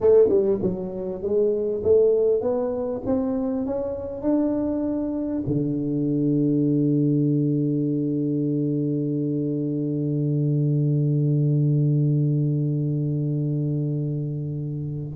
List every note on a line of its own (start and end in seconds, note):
0.00 0.28 A3
0.28 0.59 G3
0.61 1.22 F#3
1.22 1.82 G#3
1.83 2.41 A3
2.41 3.01 B3
3.06 3.66 C4
3.66 4.21 C#4
4.21 5.43 D4
5.46 15.16 D3